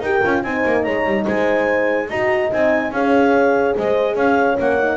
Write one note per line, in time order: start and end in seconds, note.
0.00 0.21 D#4
0.00 0.23 G4
0.00 0.43 A#4
0.00 0.42 G5
0.23 0.43 C#4
0.23 0.43 F4
0.42 0.64 C4
0.42 2.09 D#4
0.42 0.83 C5
0.42 0.83 G#5
0.65 0.86 A#3
0.83 1.05 G#3
0.83 1.24 C#5
0.83 1.24 A#5
1.05 1.25 G3
1.25 2.09 G#3
1.25 2.08 C5
1.25 2.09 G#5
2.09 2.51 D#4
2.09 2.50 F#4
2.09 2.92 D#5
2.09 2.51 A#5
2.50 2.91 C4
2.50 2.91 D#4
2.50 2.92 G#5
2.91 3.74 C#4
2.91 4.57 G#4
2.91 3.76 C#5
2.91 3.75 F5
3.76 4.15 G#3
3.76 4.14 C5
3.76 4.16 D#5
4.14 4.56 C#4
4.14 4.97 C#5
4.14 4.57 F5
4.57 4.97 A#3
4.57 4.78 C#4
4.57 4.97 F#5
4.79 4.97 D#4